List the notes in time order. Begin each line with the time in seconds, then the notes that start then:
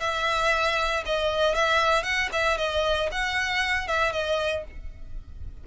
0.00 E5
1.06 D#5
1.55 E5
2.03 F#5
2.33 E5
2.58 D#5
3.12 F#5
3.88 E5
4.12 D#5